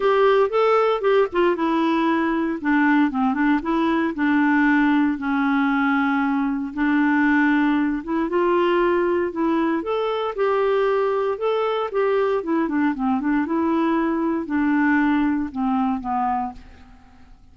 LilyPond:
\new Staff \with { instrumentName = "clarinet" } { \time 4/4 \tempo 4 = 116 g'4 a'4 g'8 f'8 e'4~ | e'4 d'4 c'8 d'8 e'4 | d'2 cis'2~ | cis'4 d'2~ d'8 e'8 |
f'2 e'4 a'4 | g'2 a'4 g'4 | e'8 d'8 c'8 d'8 e'2 | d'2 c'4 b4 | }